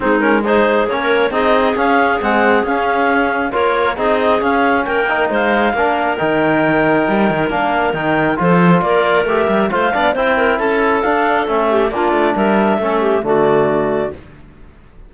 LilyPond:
<<
  \new Staff \with { instrumentName = "clarinet" } { \time 4/4 \tempo 4 = 136 gis'8 ais'8 c''4 cis''4 dis''4 | f''4 fis''4 f''2 | cis''4 dis''4 f''4 g''4 | f''2 g''2~ |
g''4 f''4 g''4 c''4 | d''4 e''4 f''4 g''4 | a''4 f''4 e''4 d''4 | e''2 d''2 | }
  \new Staff \with { instrumentName = "clarinet" } { \time 4/4 dis'4 gis'4~ gis'16 ais'8. gis'4~ | gis'1 | ais'4 gis'2 ais'4 | c''4 ais'2.~ |
ais'2. a'4 | ais'2 c''8 d''8 c''8 ais'8 | a'2~ a'8 g'8 f'4 | ais'4 a'8 g'8 fis'2 | }
  \new Staff \with { instrumentName = "trombone" } { \time 4/4 c'8 cis'8 dis'4 cis'4 dis'4 | cis'4 gis4 cis'2 | f'4 dis'4 cis'4. dis'8~ | dis'4 d'4 dis'2~ |
dis'4 d'4 dis'4 f'4~ | f'4 g'4 f'8 d'8 e'4~ | e'4 d'4 cis'4 d'4~ | d'4 cis'4 a2 | }
  \new Staff \with { instrumentName = "cello" } { \time 4/4 gis2 ais4 c'4 | cis'4 c'4 cis'2 | ais4 c'4 cis'4 ais4 | gis4 ais4 dis2 |
g8 dis8 ais4 dis4 f4 | ais4 a8 g8 a8 b8 c'4 | cis'4 d'4 a4 ais8 a8 | g4 a4 d2 | }
>>